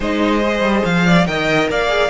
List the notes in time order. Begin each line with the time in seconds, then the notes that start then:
0.00 G#3 D#4 C5 D#5
0.39 G#4
0.61 G3
0.84 F3 F5
1.06 D5
1.26 D#3 A#4 D#5 G5
1.70 A#3 D5 F5
1.88 G#4